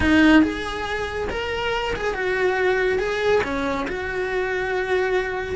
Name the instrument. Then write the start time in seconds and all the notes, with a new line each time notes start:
cello
0.00 D#4
0.42 G#4
1.29 A#4
1.95 G#4
2.14 F#4
2.98 G#4
3.43 C#4
3.87 F#4